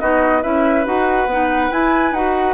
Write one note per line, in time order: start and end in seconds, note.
0.00 0.44 B3
0.00 0.43 D#4
0.00 0.43 F#4
0.00 0.43 D#5
0.43 0.87 C#4
0.43 0.85 E4
0.43 2.55 B4
0.43 0.86 E5
0.85 1.27 D#4
0.85 1.28 F#4
0.85 1.72 F#5
1.27 1.70 B3
1.27 1.71 D#4
1.71 2.14 E4
1.71 2.12 E4
1.71 2.14 G#5
2.12 2.55 D#4
2.12 2.55 F#4
2.12 2.55 F#5